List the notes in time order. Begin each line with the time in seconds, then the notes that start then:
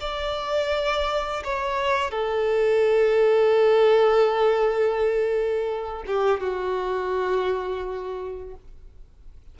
0.00 D5
1.44 C#5
2.11 A4
6.06 G4
6.40 F#4